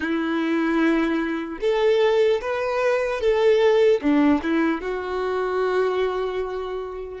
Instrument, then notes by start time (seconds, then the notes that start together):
violin
0.00 E4
1.60 A4
2.41 B4
3.20 A4
4.01 D4
4.42 E4
4.81 F#4